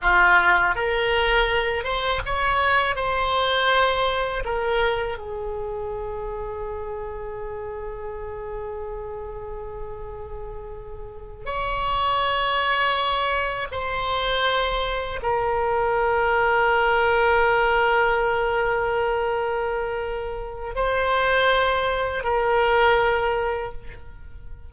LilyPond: \new Staff \with { instrumentName = "oboe" } { \time 4/4 \tempo 4 = 81 f'4 ais'4. c''8 cis''4 | c''2 ais'4 gis'4~ | gis'1~ | gis'2.~ gis'8 cis''8~ |
cis''2~ cis''8 c''4.~ | c''8 ais'2.~ ais'8~ | ais'1 | c''2 ais'2 | }